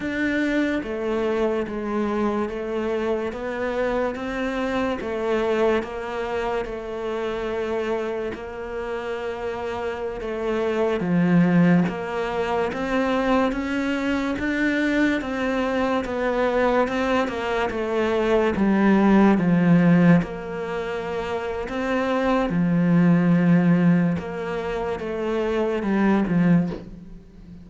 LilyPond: \new Staff \with { instrumentName = "cello" } { \time 4/4 \tempo 4 = 72 d'4 a4 gis4 a4 | b4 c'4 a4 ais4 | a2 ais2~ | ais16 a4 f4 ais4 c'8.~ |
c'16 cis'4 d'4 c'4 b8.~ | b16 c'8 ais8 a4 g4 f8.~ | f16 ais4.~ ais16 c'4 f4~ | f4 ais4 a4 g8 f8 | }